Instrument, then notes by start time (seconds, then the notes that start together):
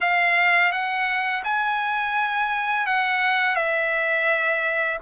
trumpet
0.00 F5
0.71 F#5
1.44 G#5
2.86 F#5
3.55 E5